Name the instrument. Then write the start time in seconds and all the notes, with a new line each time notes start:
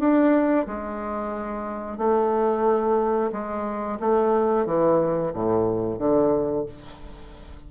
bassoon
0.00 D4
0.67 G#3
1.98 A3
3.32 G#3
4.00 A3
4.66 E3
5.34 A2
5.99 D3